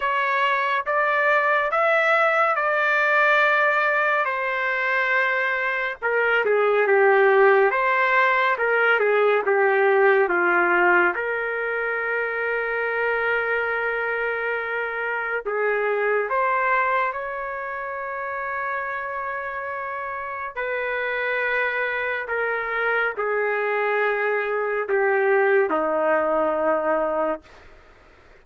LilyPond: \new Staff \with { instrumentName = "trumpet" } { \time 4/4 \tempo 4 = 70 cis''4 d''4 e''4 d''4~ | d''4 c''2 ais'8 gis'8 | g'4 c''4 ais'8 gis'8 g'4 | f'4 ais'2.~ |
ais'2 gis'4 c''4 | cis''1 | b'2 ais'4 gis'4~ | gis'4 g'4 dis'2 | }